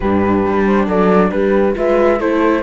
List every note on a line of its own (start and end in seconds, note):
0.00 0.45 G2
0.00 1.75 D4
0.00 0.86 G4
0.00 0.65 B4
0.45 0.87 G3
0.65 0.87 C5
0.87 1.31 F#3
0.87 1.30 A4
0.87 1.30 D5
1.30 1.75 G3
1.30 1.75 G4
1.30 1.74 B4
1.75 2.20 G#3
1.75 2.19 F4
1.75 2.19 B4
1.75 2.20 E5
2.19 2.62 A3
2.19 2.62 E4
2.19 2.62 A4
2.19 2.62 C5